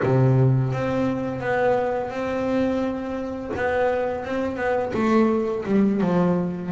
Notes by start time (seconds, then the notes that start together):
0.02 C3
0.73 C4
1.40 B3
2.10 C4
3.56 B3
4.24 C4
4.56 B3
4.93 A3
5.65 G3
6.01 F3